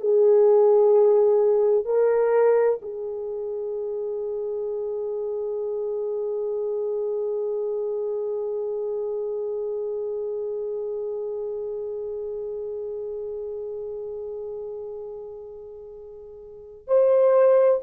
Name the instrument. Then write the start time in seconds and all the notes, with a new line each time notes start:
horn
0.00 G#4
1.85 A#4
2.82 G#4
16.87 C5